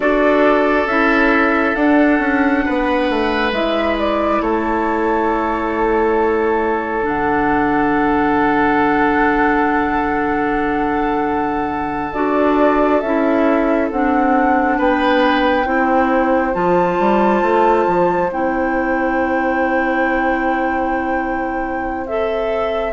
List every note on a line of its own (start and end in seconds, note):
0.00 0.86 D4
0.00 0.87 F#4
0.00 2.65 A4
0.00 0.87 D5
0.86 1.74 C#4
0.86 1.76 E4
0.86 1.75 E5
1.75 2.19 D4
1.75 3.52 D4
1.75 3.51 F#5
2.19 2.63 C#4
2.65 3.09 B3
2.65 4.41 B4
3.09 3.51 A3
3.51 4.40 G#3
3.51 7.02 E4
3.51 3.96 E5
3.98 4.42 D5
4.41 7.04 A3
4.41 14.78 A4
4.41 7.06 C#5
7.02 12.11 D3
7.02 12.10 D4
7.02 12.13 F#5
12.13 13.01 D4
12.13 13.02 F#4
12.13 13.00 D5
13.00 13.90 C#4
13.00 13.92 E4
13.00 13.88 E5
13.91 14.78 C4
13.91 15.65 D4
13.91 14.79 F#5
14.78 15.65 B3
14.78 15.66 B4
14.78 16.54 G5
15.65 16.53 C4
15.65 16.52 E4
15.65 22.92 C5
16.52 16.99 F3
16.52 18.29 F4
16.52 18.31 A5
16.99 17.42 G3
17.42 17.86 A3
17.87 18.30 F3
18.30 22.92 C4
18.30 22.06 E4
18.30 22.06 G5
22.06 22.92 A4
22.06 22.92 E5